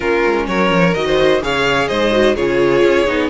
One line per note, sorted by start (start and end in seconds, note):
0.00 0.24 A#3
0.00 0.93 C#4
0.00 0.46 F4
0.00 0.46 A#4
0.25 0.48 G#3
0.47 0.70 F#3
0.47 1.06 A#4
0.47 0.94 C#5
0.70 0.94 F3
0.94 1.41 D#3
0.94 1.41 F#4
0.94 1.41 D#5
1.06 1.42 C5
1.41 1.88 C#3
1.41 2.11 G#4
1.41 1.88 C#5
1.41 1.88 F5
1.88 2.37 G#2
1.88 2.35 C5
1.88 2.35 D#5
2.11 2.35 F#4
2.35 2.82 C#3
2.35 3.06 F4
2.35 3.29 G#4
2.35 3.29 C#5
2.82 3.06 C#4
3.06 3.29 B3
3.06 3.29 D#4